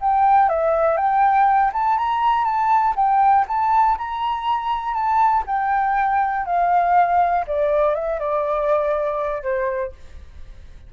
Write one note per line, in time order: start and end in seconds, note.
0.00 0.49 G5
0.49 0.97 E5
0.97 1.71 G5
1.73 1.97 A5
1.97 2.45 A#5
2.45 2.94 A5
2.96 3.45 G5
3.48 3.97 A5
3.98 4.93 A#5
4.93 5.43 A5
5.46 6.46 G5
6.46 7.45 F5
7.47 7.94 D5
7.94 8.19 E5
8.19 9.42 D5
9.42 9.92 C5